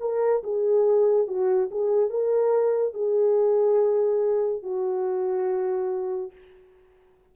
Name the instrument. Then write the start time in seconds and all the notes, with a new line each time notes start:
horn
0.00 A#4
0.43 G#4
1.27 F#4
1.71 G#4
2.10 A#4
2.93 G#4
4.62 F#4